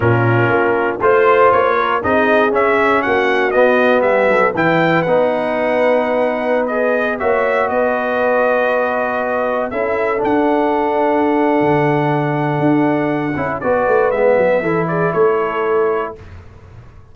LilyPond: <<
  \new Staff \with { instrumentName = "trumpet" } { \time 4/4 \tempo 4 = 119 ais'2 c''4 cis''4 | dis''4 e''4 fis''4 dis''4 | e''4 g''4 fis''2~ | fis''4~ fis''16 dis''4 e''4 dis''8.~ |
dis''2.~ dis''16 e''8.~ | e''16 fis''2.~ fis''8.~ | fis''2. d''4 | e''4. d''8 cis''2 | }
  \new Staff \with { instrumentName = "horn" } { \time 4/4 f'2 c''4. ais'8 | gis'2 fis'2 | g'8 a'8 b'2.~ | b'2~ b'16 cis''4 b'8.~ |
b'2.~ b'16 a'8.~ | a'1~ | a'2. b'4~ | b'4 a'8 gis'8 a'2 | }
  \new Staff \with { instrumentName = "trombone" } { \time 4/4 cis'2 f'2 | dis'4 cis'2 b4~ | b4 e'4 dis'2~ | dis'4~ dis'16 gis'4 fis'4.~ fis'16~ |
fis'2.~ fis'16 e'8.~ | e'16 d'2.~ d'8.~ | d'2~ d'8 e'8 fis'4 | b4 e'2. | }
  \new Staff \with { instrumentName = "tuba" } { \time 4/4 ais,4 ais4 a4 ais4 | c'4 cis'4 ais4 b4 | g8 fis8 e4 b2~ | b2~ b16 ais4 b8.~ |
b2.~ b16 cis'8.~ | cis'16 d'2~ d'8. d4~ | d4 d'4. cis'8 b8 a8 | gis8 fis8 e4 a2 | }
>>